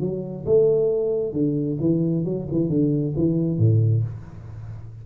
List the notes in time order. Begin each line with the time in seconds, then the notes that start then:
0.00 F#3
0.46 A3
1.33 D3
1.80 E3
2.25 F#3
2.51 E3
2.69 D3
3.16 E3
3.58 A2